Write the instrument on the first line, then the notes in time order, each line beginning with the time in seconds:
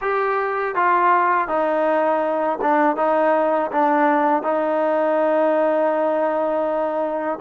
trombone
0.01 G4
0.75 F4
1.47 D#4
2.61 D4
2.96 D#4
3.71 D4
4.42 D#4